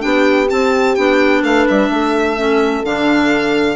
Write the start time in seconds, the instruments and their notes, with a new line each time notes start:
0.00 bassoon B3, clarinet D4, horn G4, violin G5
0.49 clarinet C4, bassoon C4, violin A5
0.96 bassoon B3, clarinet D4, violin G5
1.43 bassoon A3, horn B4, violin F5
1.68 bassoon G3, violin E5
1.89 bassoon A3, horn A4
2.37 clarinet C#4
2.84 bassoon D3, clarinet D4, violin F5